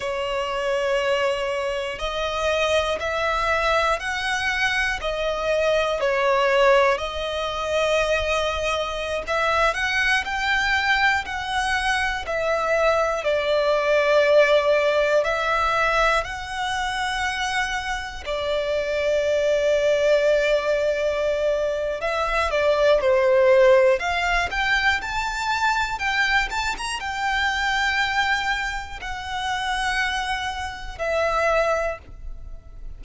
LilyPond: \new Staff \with { instrumentName = "violin" } { \time 4/4 \tempo 4 = 60 cis''2 dis''4 e''4 | fis''4 dis''4 cis''4 dis''4~ | dis''4~ dis''16 e''8 fis''8 g''4 fis''8.~ | fis''16 e''4 d''2 e''8.~ |
e''16 fis''2 d''4.~ d''16~ | d''2 e''8 d''8 c''4 | f''8 g''8 a''4 g''8 a''16 ais''16 g''4~ | g''4 fis''2 e''4 | }